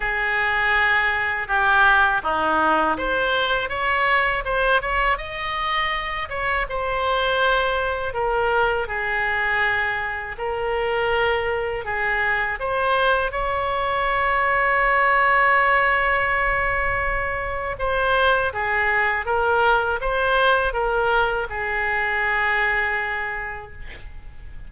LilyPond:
\new Staff \with { instrumentName = "oboe" } { \time 4/4 \tempo 4 = 81 gis'2 g'4 dis'4 | c''4 cis''4 c''8 cis''8 dis''4~ | dis''8 cis''8 c''2 ais'4 | gis'2 ais'2 |
gis'4 c''4 cis''2~ | cis''1 | c''4 gis'4 ais'4 c''4 | ais'4 gis'2. | }